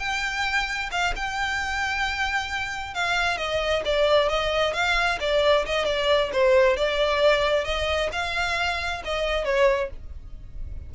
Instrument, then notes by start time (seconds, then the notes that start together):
violin
0.00 G5
0.92 F5
1.16 G5
2.95 F5
3.38 D#5
3.86 D5
4.29 D#5
4.74 F5
5.21 D5
5.66 D#5
5.85 D5
6.33 C5
6.77 D5
7.65 D#5
8.13 F5
9.05 D#5
9.45 C#5